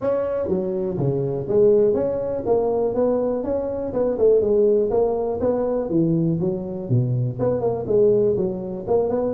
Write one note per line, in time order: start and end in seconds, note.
0.01 0.47 C#4
0.47 0.97 F#3
0.97 1.46 C#3
1.48 1.94 G#3
1.94 2.43 C#4
2.45 2.94 A#3
2.94 3.43 B3
3.43 3.93 C#4
3.93 4.17 B3
4.18 4.40 A3
4.40 4.90 G#3
4.90 5.39 A#3
5.40 5.89 B3
5.89 6.38 E3
6.40 6.89 F#3
6.89 7.38 B2
7.39 7.60 B3
7.60 7.85 A#3
7.86 8.35 G#3
8.36 8.85 F#3
8.87 9.09 A#3
9.09 9.33 B3